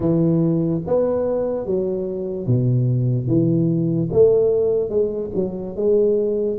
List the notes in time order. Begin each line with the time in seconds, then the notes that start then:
0.00 E3
0.86 B3
1.66 F#3
2.47 B2
3.27 E3
4.11 A3
4.89 G#3
5.34 F#3
5.76 G#3